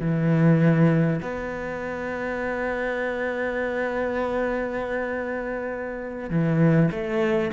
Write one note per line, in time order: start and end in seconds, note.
0.00 1.20 E3
1.22 6.30 B3
6.30 6.90 E3
6.91 7.51 A3